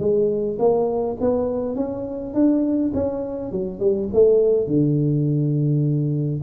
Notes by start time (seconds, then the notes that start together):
0.00 G#3
0.59 A#3
1.21 B3
1.76 C#4
2.34 D4
2.95 C#4
3.52 F#3
3.80 G3
4.14 A3
4.67 D3